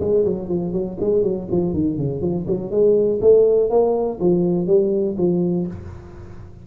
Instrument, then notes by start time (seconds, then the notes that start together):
tuba
0.00 G#3
0.25 F#3
0.49 F3
0.73 F#3
1.00 G#3
1.23 F#3
1.51 F3
1.73 D#3
1.97 C#3
2.21 F3
2.47 F#3
2.71 G#3
3.21 A3
3.70 A#3
4.20 F3
4.67 G3
5.18 F3